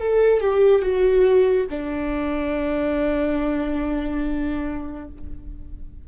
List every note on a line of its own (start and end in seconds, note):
0.00 0.41 A4
0.41 0.82 G4
0.82 1.67 F#4
1.70 5.08 D4